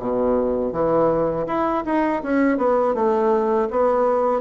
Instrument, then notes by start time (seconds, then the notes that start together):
bassoon
0.00 B2
0.73 E3
1.47 E4
1.86 D#4
2.23 C#4
2.58 B3
2.95 A3
3.71 B3